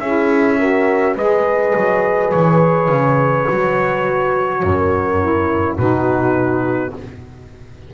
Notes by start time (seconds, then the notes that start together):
0.00 C#4 E4 G#4 E5
0.59 F#4 A#4
1.16 G#3 G#4 B4 D#5
1.76 F#3
2.31 E3 C#5
2.89 C#3
3.48 F#3 F#4
4.63 F#2 A#4
5.20 E4
5.77 B2 D#4 F#4 B4